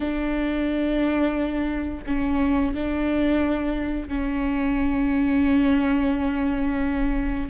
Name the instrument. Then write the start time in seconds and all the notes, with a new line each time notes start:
viola
0.00 D4
2.06 C#4
2.74 D4
4.08 C#4